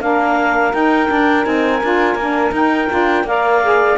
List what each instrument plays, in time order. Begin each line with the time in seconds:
0.00 cello A#3, saxophone D4 A#4, clarinet F5
0.73 saxophone D#4, cello D#4, clarinet G5
1.08 saxophone D4, cello D4
1.43 cello C4, saxophone D#4, clarinet G#5
1.82 cello D4, saxophone F4
2.15 cello A#3, saxophone D4
2.51 cello D#4, saxophone D#4, clarinet G5
2.89 cello D4, saxophone F4
3.23 cello A#3, saxophone A#4 D5, clarinet F5
3.62 saxophone G#4